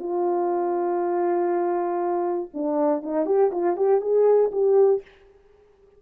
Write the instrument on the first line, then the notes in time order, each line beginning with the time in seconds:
horn
0.00 F4
2.54 D4
3.03 D#4
3.26 G4
3.52 F4
3.77 G4
4.02 G#4
4.52 G4